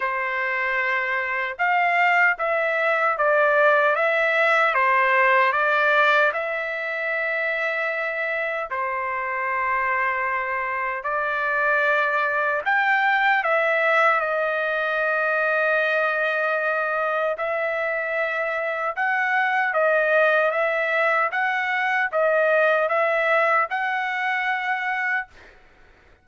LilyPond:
\new Staff \with { instrumentName = "trumpet" } { \time 4/4 \tempo 4 = 76 c''2 f''4 e''4 | d''4 e''4 c''4 d''4 | e''2. c''4~ | c''2 d''2 |
g''4 e''4 dis''2~ | dis''2 e''2 | fis''4 dis''4 e''4 fis''4 | dis''4 e''4 fis''2 | }